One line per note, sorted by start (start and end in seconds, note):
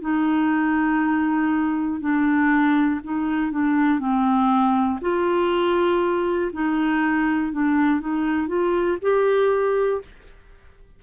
0.00 2.00 D#4
2.00 3.00 D4
3.03 3.51 D#4
3.51 3.99 D4
3.99 4.99 C4
5.01 6.51 F4
6.52 7.52 D#4
7.52 8.00 D4
8.00 8.47 D#4
8.47 8.97 F4
9.01 10.01 G4